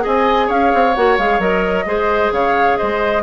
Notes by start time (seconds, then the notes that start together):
0.00 G#4 D#5
0.06 C4 G#5
0.47 C#4 C#5 F5
0.74 C4
0.95 A#3 F#4 F#5
1.18 G#3 G#4 F5
1.39 F#3 A#4 D#5
1.86 G#3 G#4 C5
2.31 C#3 C#5 F5
2.77 G#3 C5 D#5